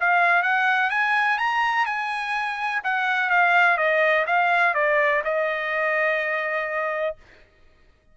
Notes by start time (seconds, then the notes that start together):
0.00 F5
0.42 F#5
0.90 G#5
1.38 A#5
1.86 G#5
2.83 F#5
3.30 F5
3.77 D#5
4.26 F5
4.74 D5
5.24 D#5